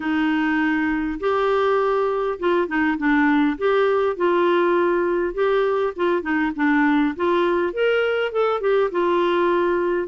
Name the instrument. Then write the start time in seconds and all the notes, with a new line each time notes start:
clarinet
0.00 D#4
1.20 G4
2.39 F4
2.67 D#4
2.97 D4
3.58 G4
4.16 F4
5.34 G4
5.96 F4
6.22 D#4
6.55 D4
7.16 F4
7.73 A#4
8.32 A4
8.60 G4
8.91 F4